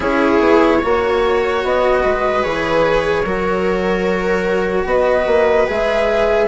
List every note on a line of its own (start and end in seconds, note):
0.00 0.39 C#4
0.00 0.81 E4
0.00 0.78 G#4
0.00 1.63 C#5
0.39 0.80 B3
0.78 1.63 A#3
0.78 2.43 F#4
0.78 2.00 C#5
1.63 2.04 B3
1.63 2.43 D#5
2.02 2.44 G#3
2.02 3.24 B4
2.43 3.24 E3
2.43 3.24 G#4
2.43 4.86 C#5
3.24 4.85 F#3
3.24 5.67 F#4
3.24 4.87 A#4
4.85 5.25 B3
4.85 6.47 B4
4.85 5.68 D#5
5.26 5.67 A#3
5.67 6.47 G#3
5.67 6.47 G#4
5.67 6.47 E5